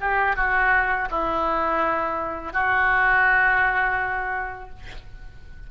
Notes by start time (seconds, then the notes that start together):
0.00 G4
0.35 F#4
1.10 E4
2.52 F#4